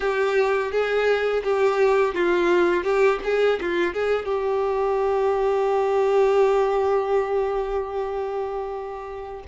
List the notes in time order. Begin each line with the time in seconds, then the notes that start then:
0.00 G4
0.71 G#4
1.43 G4
2.14 F4
2.83 G4
3.23 G#4
3.60 F4
3.93 G#4
4.25 G4